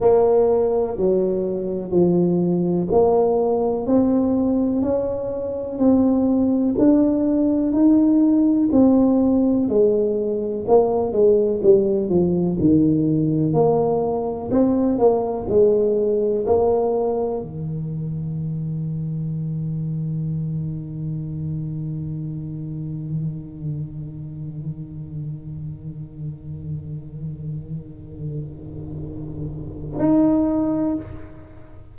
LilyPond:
\new Staff \with { instrumentName = "tuba" } { \time 4/4 \tempo 4 = 62 ais4 fis4 f4 ais4 | c'4 cis'4 c'4 d'4 | dis'4 c'4 gis4 ais8 gis8 | g8 f8 dis4 ais4 c'8 ais8 |
gis4 ais4 dis2~ | dis1~ | dis1~ | dis2. dis'4 | }